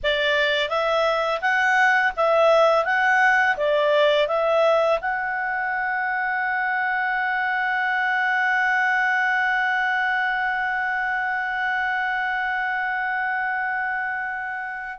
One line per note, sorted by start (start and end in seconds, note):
0.03 0.69 D5
0.69 1.40 E5
1.41 2.12 F#5
2.16 2.84 E5
2.84 3.56 F#5
3.56 4.27 D5
4.27 4.99 E5
5.01 14.99 F#5